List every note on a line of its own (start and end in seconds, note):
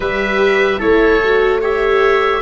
0.00 0.80 G3
0.00 0.80 G4
0.00 0.78 B4
0.00 0.80 E5
0.78 2.42 A3
0.78 1.20 E4
0.78 1.59 A4
0.78 1.61 C#5
1.23 1.61 F#4
1.60 2.42 G4
1.60 2.41 C#5
1.60 2.42 E5